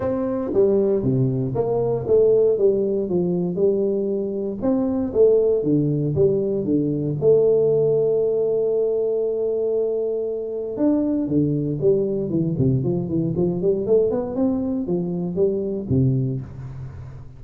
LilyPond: \new Staff \with { instrumentName = "tuba" } { \time 4/4 \tempo 4 = 117 c'4 g4 c4 ais4 | a4 g4 f4 g4~ | g4 c'4 a4 d4 | g4 d4 a2~ |
a1~ | a4 d'4 d4 g4 | e8 c8 f8 e8 f8 g8 a8 b8 | c'4 f4 g4 c4 | }